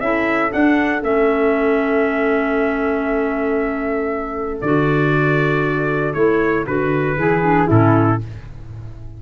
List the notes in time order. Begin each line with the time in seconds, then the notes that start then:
0.00 C#4 E4 A4 E5
0.49 D4 F#5
1.02 A3 C#4 E5
4.61 D3 F#4 D5
6.14 A3 E4 C#5
6.65 D3 F#4 B4
7.17 E3 E4 G#4
7.43 D4
7.67 A2 C#4 E4 A4